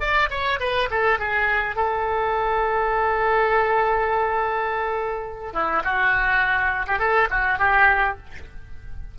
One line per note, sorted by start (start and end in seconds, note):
0.00 0.29 D5
0.30 0.59 C#5
0.60 0.89 B4
0.91 1.19 A4
1.19 1.76 G#4
1.76 5.53 A4
5.53 5.83 E4
5.84 6.86 F#4
6.87 6.99 G4
6.99 7.28 A4
7.30 7.59 F#4
7.59 8.17 G4